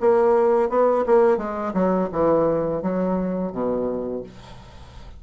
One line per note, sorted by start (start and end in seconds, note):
0.00 0.69 A#3
0.69 1.05 B3
1.06 1.37 A#3
1.37 1.73 G#3
1.74 2.09 F#3
2.12 2.82 E3
2.82 3.52 F#3
3.52 4.23 B2